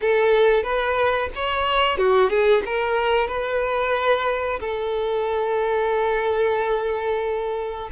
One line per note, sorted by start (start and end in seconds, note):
0.01 0.63 A4
0.63 1.29 B4
1.35 1.97 C#5
1.97 2.29 F#4
2.29 2.62 G#4
2.65 3.27 A#4
3.27 4.59 B4
4.60 7.89 A4